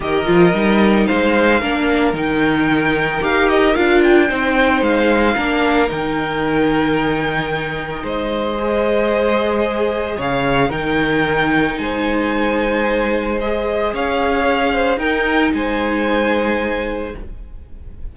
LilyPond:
<<
  \new Staff \with { instrumentName = "violin" } { \time 4/4 \tempo 4 = 112 dis''2 f''2 | g''2 f''8 dis''8 f''8 g''8~ | g''4 f''2 g''4~ | g''2. dis''4~ |
dis''2. f''4 | g''2 gis''2~ | gis''4 dis''4 f''2 | g''4 gis''2. | }
  \new Staff \with { instrumentName = "violin" } { \time 4/4 ais'2 c''4 ais'4~ | ais'1 | c''2 ais'2~ | ais'2. c''4~ |
c''2. cis''4 | ais'2 c''2~ | c''2 cis''4. c''8 | ais'4 c''2. | }
  \new Staff \with { instrumentName = "viola" } { \time 4/4 g'8 f'8 dis'2 d'4 | dis'2 g'4 f'4 | dis'2 d'4 dis'4~ | dis'1 |
gis'1 | dis'1~ | dis'4 gis'2. | dis'1 | }
  \new Staff \with { instrumentName = "cello" } { \time 4/4 dis8 f8 g4 gis4 ais4 | dis2 dis'4 d'4 | c'4 gis4 ais4 dis4~ | dis2. gis4~ |
gis2. cis4 | dis2 gis2~ | gis2 cis'2 | dis'4 gis2. | }
>>